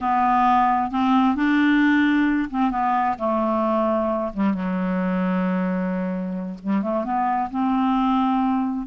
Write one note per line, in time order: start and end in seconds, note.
0.00 0.91 B3
0.91 1.35 C4
1.35 2.49 D4
2.50 2.70 C4
2.70 3.16 B3
3.18 4.32 A3
4.33 4.53 G3
4.53 6.58 F#3
6.62 6.82 G3
6.82 7.04 A3
7.04 7.49 B3
7.50 8.86 C4